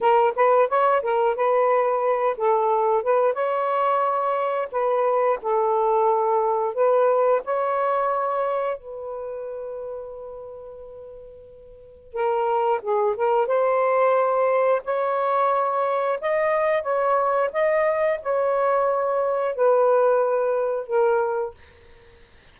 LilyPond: \new Staff \with { instrumentName = "saxophone" } { \time 4/4 \tempo 4 = 89 ais'8 b'8 cis''8 ais'8 b'4. a'8~ | a'8 b'8 cis''2 b'4 | a'2 b'4 cis''4~ | cis''4 b'2.~ |
b'2 ais'4 gis'8 ais'8 | c''2 cis''2 | dis''4 cis''4 dis''4 cis''4~ | cis''4 b'2 ais'4 | }